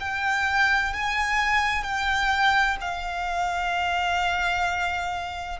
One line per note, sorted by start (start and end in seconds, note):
0.00 0.93 G5
0.93 1.83 G#5
1.83 2.77 G5
2.81 5.60 F5